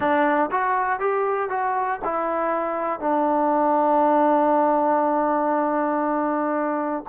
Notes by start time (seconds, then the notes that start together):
0.00 D4
0.51 F#4
0.99 G4
1.49 F#4
2.04 E4
3.00 D4